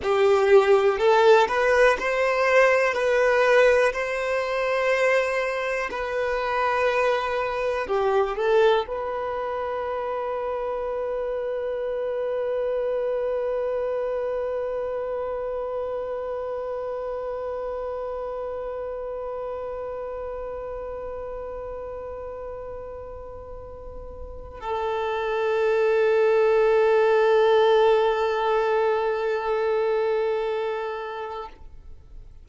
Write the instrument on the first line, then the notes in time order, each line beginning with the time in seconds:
violin
0.03 G4
0.98 A4
1.48 B4
1.99 C5
2.93 B4
3.93 C5
5.91 B4
7.87 G4
8.36 A4
8.87 B4
24.60 A4